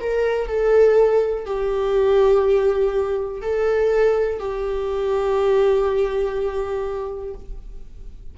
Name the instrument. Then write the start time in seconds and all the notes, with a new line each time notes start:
viola
0.00 A#4
0.47 A4
1.46 G4
3.42 A4
4.39 G4